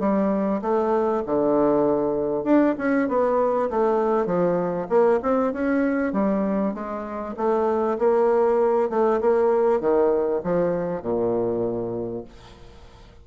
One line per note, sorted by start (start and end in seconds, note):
0.00 0.61 G3
0.62 1.23 A3
1.26 2.44 D3
2.44 2.75 D4
2.78 3.09 C#4
3.09 3.70 B3
3.70 4.26 A3
4.26 4.88 F3
4.90 5.20 A#3
5.23 5.53 C4
5.53 6.13 C#4
6.13 6.74 G3
6.74 7.36 G#3
7.37 7.98 A3
7.99 8.90 A#3
8.90 9.21 A3
9.21 9.81 A#3
9.81 10.42 D#3
10.44 11.02 F3
11.02 12.25 A#2